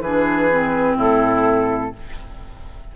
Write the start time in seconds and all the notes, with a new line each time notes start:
0.00 E3 D4 G#4 B4
0.50 C4
0.96 A2 E4 A4